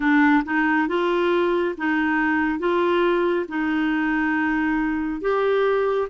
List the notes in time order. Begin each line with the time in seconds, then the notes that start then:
0.00 D4
0.44 D#4
0.88 F4
1.77 D#4
2.59 F4
3.48 D#4
5.21 G4